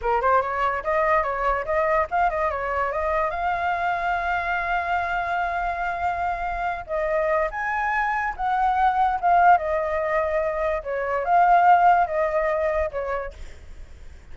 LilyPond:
\new Staff \with { instrumentName = "flute" } { \time 4/4 \tempo 4 = 144 ais'8 c''8 cis''4 dis''4 cis''4 | dis''4 f''8 dis''8 cis''4 dis''4 | f''1~ | f''1~ |
f''8 dis''4. gis''2 | fis''2 f''4 dis''4~ | dis''2 cis''4 f''4~ | f''4 dis''2 cis''4 | }